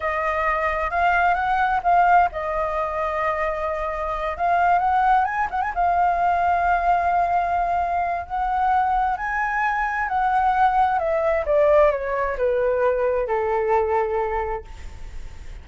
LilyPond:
\new Staff \with { instrumentName = "flute" } { \time 4/4 \tempo 4 = 131 dis''2 f''4 fis''4 | f''4 dis''2.~ | dis''4. f''4 fis''4 gis''8 | fis''16 gis''16 f''2.~ f''8~ |
f''2 fis''2 | gis''2 fis''2 | e''4 d''4 cis''4 b'4~ | b'4 a'2. | }